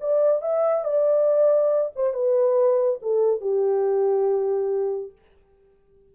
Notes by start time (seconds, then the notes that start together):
0.00 D5
0.41 E5
0.84 D5
1.95 C5
2.13 B4
3.02 A4
3.40 G4